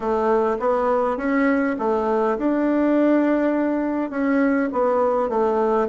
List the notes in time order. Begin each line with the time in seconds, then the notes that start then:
0.00 A3
0.59 B3
1.17 C#4
1.79 A3
2.38 D4
4.10 C#4
4.72 B3
5.29 A3